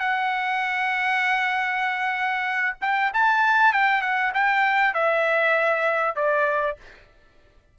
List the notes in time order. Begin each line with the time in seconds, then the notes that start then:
0.00 F#5
2.82 G5
3.14 A5
3.73 G5
4.02 F#5
4.34 G5
4.94 E5
6.16 D5